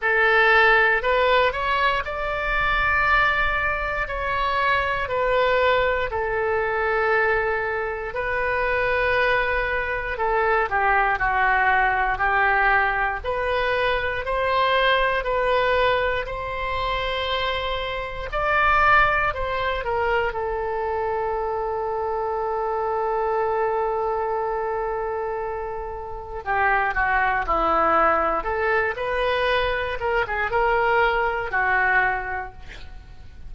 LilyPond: \new Staff \with { instrumentName = "oboe" } { \time 4/4 \tempo 4 = 59 a'4 b'8 cis''8 d''2 | cis''4 b'4 a'2 | b'2 a'8 g'8 fis'4 | g'4 b'4 c''4 b'4 |
c''2 d''4 c''8 ais'8 | a'1~ | a'2 g'8 fis'8 e'4 | a'8 b'4 ais'16 gis'16 ais'4 fis'4 | }